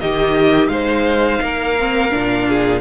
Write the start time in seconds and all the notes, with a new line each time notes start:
0.00 D#3 D#4 G4 D#5
0.68 G#3 C5 F5
1.42 A#3 A#4
1.79 C4
2.11 A#2 D4
2.49 G#4